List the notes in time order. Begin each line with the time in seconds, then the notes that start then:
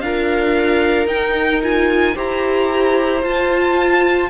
0.00 D4 F4 A#4 F5
1.06 D#4 G5
1.62 F4 G#5
2.15 E4 G4 C5 A#5
3.22 F4 A5